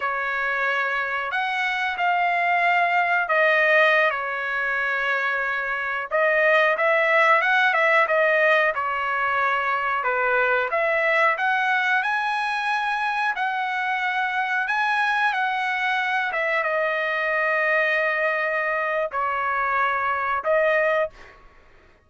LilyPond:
\new Staff \with { instrumentName = "trumpet" } { \time 4/4 \tempo 4 = 91 cis''2 fis''4 f''4~ | f''4 dis''4~ dis''16 cis''4.~ cis''16~ | cis''4~ cis''16 dis''4 e''4 fis''8 e''16~ | e''16 dis''4 cis''2 b'8.~ |
b'16 e''4 fis''4 gis''4.~ gis''16~ | gis''16 fis''2 gis''4 fis''8.~ | fis''8. e''8 dis''2~ dis''8.~ | dis''4 cis''2 dis''4 | }